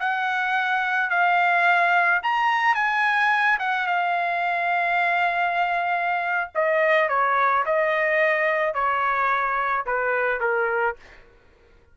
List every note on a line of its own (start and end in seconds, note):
0.00 1.11 F#5
1.11 2.22 F5
2.23 2.76 A#5
2.76 3.59 G#5
3.60 3.87 F#5
3.87 6.51 F5
6.56 7.09 D#5
7.09 7.65 C#5
7.66 8.75 D#5
8.75 9.86 C#5
9.87 10.41 B4
10.41 10.97 A#4